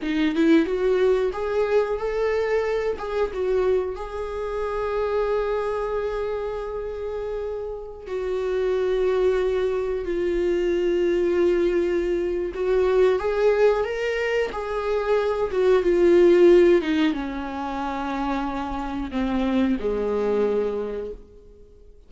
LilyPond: \new Staff \with { instrumentName = "viola" } { \time 4/4 \tempo 4 = 91 dis'8 e'8 fis'4 gis'4 a'4~ | a'8 gis'8 fis'4 gis'2~ | gis'1~ | gis'16 fis'2. f'8.~ |
f'2. fis'4 | gis'4 ais'4 gis'4. fis'8 | f'4. dis'8 cis'2~ | cis'4 c'4 gis2 | }